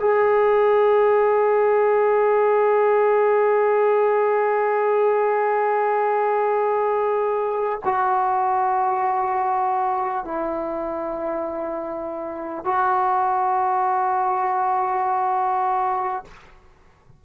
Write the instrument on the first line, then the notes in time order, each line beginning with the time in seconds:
trombone
0.00 G#4
7.85 F#4
10.25 E4
12.64 F#4